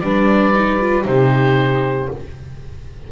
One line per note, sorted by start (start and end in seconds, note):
0.00 1.05 G3
0.00 0.54 D4
0.00 1.06 B4
0.00 1.03 D5
0.54 0.80 D#4
0.81 1.04 F4
1.04 2.08 C3
1.04 2.08 D#4
1.04 2.11 G4
1.04 2.10 C5